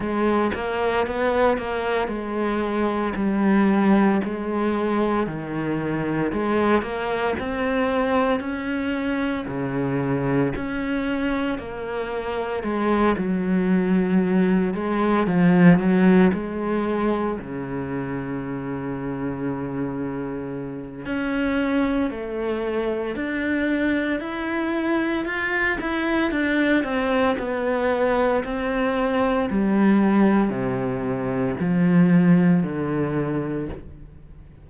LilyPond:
\new Staff \with { instrumentName = "cello" } { \time 4/4 \tempo 4 = 57 gis8 ais8 b8 ais8 gis4 g4 | gis4 dis4 gis8 ais8 c'4 | cis'4 cis4 cis'4 ais4 | gis8 fis4. gis8 f8 fis8 gis8~ |
gis8 cis2.~ cis8 | cis'4 a4 d'4 e'4 | f'8 e'8 d'8 c'8 b4 c'4 | g4 c4 f4 d4 | }